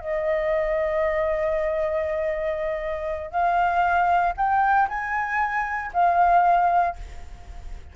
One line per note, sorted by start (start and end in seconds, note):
0.00 3.31 D#5
3.31 4.34 F5
4.37 4.89 G5
4.89 5.92 G#5
5.94 6.96 F5